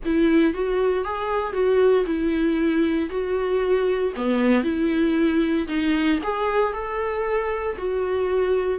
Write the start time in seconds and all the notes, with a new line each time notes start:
0.05 E4
0.53 F#4
1.04 G#4
1.53 F#4
2.05 E4
3.09 F#4
4.16 B3
4.63 E4
5.67 D#4
6.23 G#4
6.73 A4
7.77 F#4